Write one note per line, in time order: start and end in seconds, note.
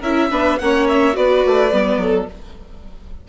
0.00 0.30 C#4
0.00 0.31 E4
0.00 0.28 A#4
0.00 0.59 E5
0.31 0.59 B3
0.31 0.59 D4
0.31 0.60 B4
0.59 1.16 A#3
0.59 1.13 C#4
0.59 1.16 C#5
0.59 0.87 F#5
0.88 1.16 E5
1.13 1.44 B3
1.13 1.69 F#4
1.13 2.00 B4
1.13 2.28 D5
1.46 1.72 A3
1.72 1.97 G3
1.72 2.28 B3
1.97 2.25 F#3
1.97 2.29 A4